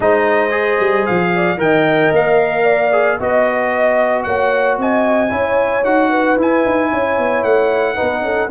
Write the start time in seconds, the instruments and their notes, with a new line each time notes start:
0.00 tuba G#3, trombone D#4, horn C5, trumpet D#5
0.50 trombone G#4
0.79 tuba G3
1.06 tuba F3, trumpet F5
1.35 horn D5
1.57 tuba D#3, trombone A#4, horn D#5, trumpet G5
2.12 tuba A#3, trumpet F5
2.63 horn D5
2.92 trombone G#4
3.19 tuba B3, trombone F#4, horn D#5, trumpet D#5
4.23 tuba A#3, horn C#5, trumpet F#5
4.77 tuba C4, horn D#5, trumpet G#5
5.29 tuba C#4, trombone E4, horn C#5
5.84 tuba D#4, trombone F#4, trumpet F#5
6.09 horn B4
6.37 trombone E4, tuba E4, trumpet G#5
6.65 tuba D#4
6.90 tuba C#4, horn C#5
7.18 tuba B3
7.43 tuba A3, trumpet F#5
7.95 tuba B3, trombone D#4, horn B4
8.21 tuba C#4, horn A4